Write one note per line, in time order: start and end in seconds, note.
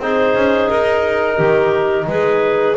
0.00 0.34 C4
0.00 2.77 D#4
0.00 1.36 G#4
0.00 0.70 C5
0.35 0.69 C#4
0.70 1.39 D#4
0.70 2.08 A#4
1.36 2.07 D#3
1.36 2.05 G4
2.07 2.76 G#3
2.07 2.77 G#4
2.07 2.77 B4